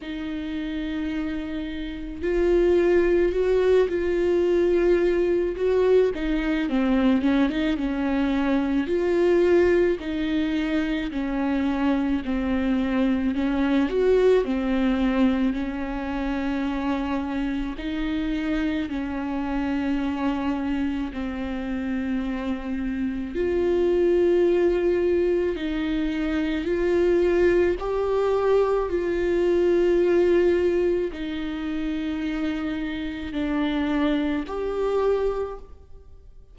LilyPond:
\new Staff \with { instrumentName = "viola" } { \time 4/4 \tempo 4 = 54 dis'2 f'4 fis'8 f'8~ | f'4 fis'8 dis'8 c'8 cis'16 dis'16 cis'4 | f'4 dis'4 cis'4 c'4 | cis'8 fis'8 c'4 cis'2 |
dis'4 cis'2 c'4~ | c'4 f'2 dis'4 | f'4 g'4 f'2 | dis'2 d'4 g'4 | }